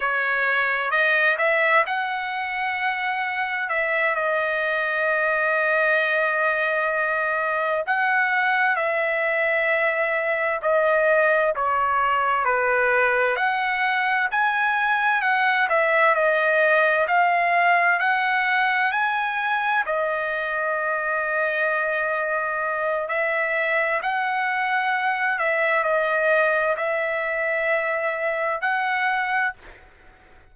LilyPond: \new Staff \with { instrumentName = "trumpet" } { \time 4/4 \tempo 4 = 65 cis''4 dis''8 e''8 fis''2 | e''8 dis''2.~ dis''8~ | dis''8 fis''4 e''2 dis''8~ | dis''8 cis''4 b'4 fis''4 gis''8~ |
gis''8 fis''8 e''8 dis''4 f''4 fis''8~ | fis''8 gis''4 dis''2~ dis''8~ | dis''4 e''4 fis''4. e''8 | dis''4 e''2 fis''4 | }